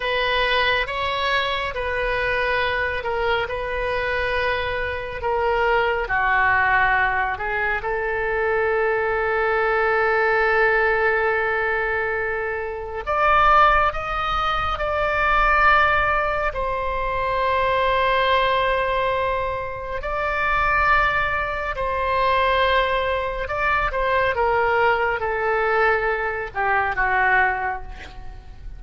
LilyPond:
\new Staff \with { instrumentName = "oboe" } { \time 4/4 \tempo 4 = 69 b'4 cis''4 b'4. ais'8 | b'2 ais'4 fis'4~ | fis'8 gis'8 a'2.~ | a'2. d''4 |
dis''4 d''2 c''4~ | c''2. d''4~ | d''4 c''2 d''8 c''8 | ais'4 a'4. g'8 fis'4 | }